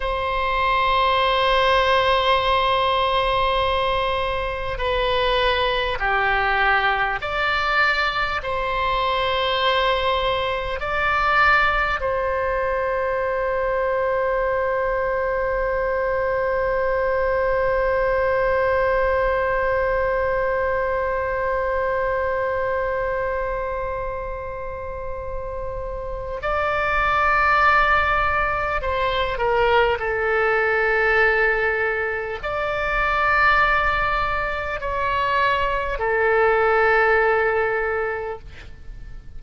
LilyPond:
\new Staff \with { instrumentName = "oboe" } { \time 4/4 \tempo 4 = 50 c''1 | b'4 g'4 d''4 c''4~ | c''4 d''4 c''2~ | c''1~ |
c''1~ | c''2 d''2 | c''8 ais'8 a'2 d''4~ | d''4 cis''4 a'2 | }